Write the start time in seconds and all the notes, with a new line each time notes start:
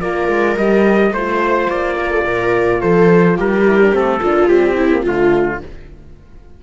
0.00 A#3 F4 A#4 D5
0.28 G#3
0.57 G3 G4 D#5
1.11 A3 F4 C5
1.70 A#3 D5
1.98 A#4
2.10 A4
2.25 A#2 A#4
2.81 F3 A4 C5
3.36 G3 G4 A#4
3.66 E4
3.81 D4
3.92 A3 C4 A4
4.20 A#3 D4 F4
4.48 G3 C4 G4
4.75 C4 E4
4.91 A#3
5.01 D3 A3 F4